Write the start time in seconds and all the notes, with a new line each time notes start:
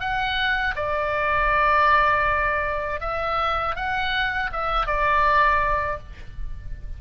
0.00 F#5
0.75 D5
3.00 E5
3.75 F#5
4.52 E5
4.86 D5